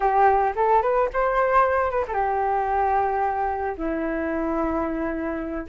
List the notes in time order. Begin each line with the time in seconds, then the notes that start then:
0.00 G4
0.55 A4
0.82 B4
1.13 C5
1.90 B4
2.07 G4 A4
3.77 E4